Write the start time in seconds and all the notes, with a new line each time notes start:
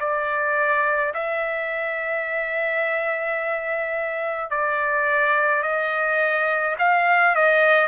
0.00 D5
1.14 E5
4.50 D5
5.62 D#5
6.79 F5
7.35 D#5